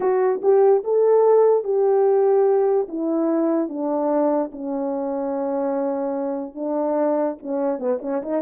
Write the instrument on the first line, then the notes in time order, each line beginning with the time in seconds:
horn
0.00 F#4
0.42 G4
0.84 A4
1.64 G4
2.88 E4
3.68 D4
4.52 C#4
6.55 D4
7.42 C#4
7.78 B3
8.01 C#4
8.22 D#4